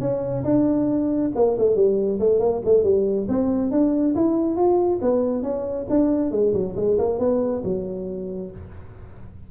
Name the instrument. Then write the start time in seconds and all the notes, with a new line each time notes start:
tuba
0.00 C#4
0.44 D4
1.35 A#3
1.58 A3
1.76 G3
2.20 A3
2.40 A#3
2.65 A3
2.84 G3
3.28 C4
3.72 D4
4.15 E4
4.56 F4
5.02 B3
5.43 C#4
5.90 D4
6.31 G#3
6.54 F#3
6.76 G#3
6.98 A#3
7.19 B3
7.64 F#3